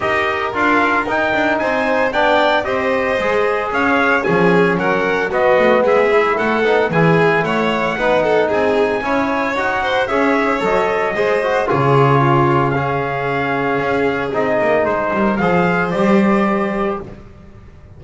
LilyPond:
<<
  \new Staff \with { instrumentName = "trumpet" } { \time 4/4 \tempo 4 = 113 dis''4 f''4 g''4 gis''4 | g''4 dis''2 f''4 | gis''4 fis''4 dis''4 e''4 | fis''4 gis''4 fis''2 |
gis''2 fis''4 e''4 | dis''2 cis''2 | f''2. dis''4 | c''4 f''4 d''2 | }
  \new Staff \with { instrumentName = "violin" } { \time 4/4 ais'2. c''4 | d''4 c''2 cis''4 | gis'4 ais'4 fis'4 gis'4 | a'4 gis'4 cis''4 b'8 a'8 |
gis'4 cis''4. c''8 cis''4~ | cis''4 c''4 gis'4 f'4 | gis'1~ | gis'8 ais'8 c''2. | }
  \new Staff \with { instrumentName = "trombone" } { \time 4/4 g'4 f'4 dis'2 | d'4 g'4 gis'2 | cis'2 b4. e'8~ | e'8 dis'8 e'2 dis'4~ |
dis'4 e'4 fis'4 gis'4 | a'4 gis'8 fis'8 f'2 | cis'2. dis'4~ | dis'4 gis'4 g'2 | }
  \new Staff \with { instrumentName = "double bass" } { \time 4/4 dis'4 d'4 dis'8 d'8 c'4 | b4 c'4 gis4 cis'4 | f4 fis4 b8 a8 gis4 | a8 b8 e4 a4 b4 |
c'4 cis'4 dis'4 cis'4 | fis4 gis4 cis2~ | cis2 cis'4 c'8 ais8 | gis8 g8 f4 g2 | }
>>